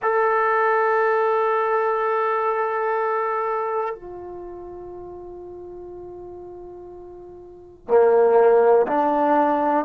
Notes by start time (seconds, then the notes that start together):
0.02 A4
3.94 F4
7.88 A#3
8.87 D4